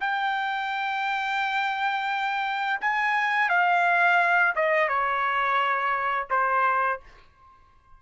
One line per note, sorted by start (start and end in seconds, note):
0.00 2.79 G5
2.80 3.49 G#5
3.49 4.54 F5
4.55 4.88 D#5
4.88 6.27 C#5
6.30 7.00 C5